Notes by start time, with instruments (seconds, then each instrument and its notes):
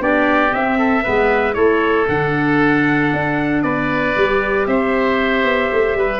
0.00 tuba B3, clarinet D4, oboe G4, trumpet D5
0.49 clarinet C4, tuba C4, trumpet E5
0.78 oboe A4
1.03 tuba G#3, clarinet B3, oboe B4
1.53 tuba A3, clarinet E4, oboe A4, trumpet C#5
2.08 tuba D3, clarinet D4, trumpet F#5
3.13 tuba D4
3.62 tuba B3, oboe B4, trumpet D5
4.16 tuba G3, clarinet G4
4.67 tuba C4, oboe C5, trumpet E5
5.44 tuba B3
5.72 tuba A3
5.95 tuba G3, oboe B4